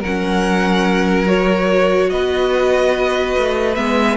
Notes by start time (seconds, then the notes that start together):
0.00 F#3 A#4 F#5
0.06 C#4
1.27 F#4 C#5
2.11 B3 B4 D#5
3.39 A3
3.75 G#3 B3 E5